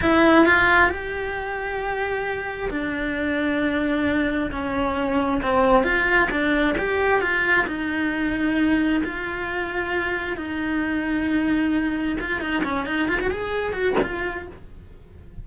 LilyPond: \new Staff \with { instrumentName = "cello" } { \time 4/4 \tempo 4 = 133 e'4 f'4 g'2~ | g'2 d'2~ | d'2 cis'2 | c'4 f'4 d'4 g'4 |
f'4 dis'2. | f'2. dis'4~ | dis'2. f'8 dis'8 | cis'8 dis'8 f'16 fis'16 gis'4 fis'8 f'4 | }